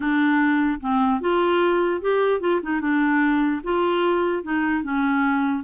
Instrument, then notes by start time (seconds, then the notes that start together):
clarinet
0.00 D4
0.80 C4
1.20 F4
2.01 G4
2.40 F4
2.62 D#4
2.81 D4
3.63 F4
4.43 D#4
4.83 C#4